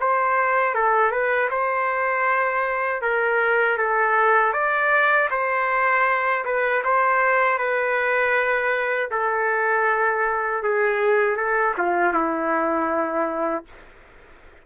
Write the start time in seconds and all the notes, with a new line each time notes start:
0.00 C5
0.74 A4
1.11 B4
1.50 C5
3.01 A#4
3.77 A4
4.53 D5
5.30 C5
6.45 B4
6.84 C5
7.58 B4
9.11 A4
10.63 G#4
11.36 A4
11.78 F4
12.13 E4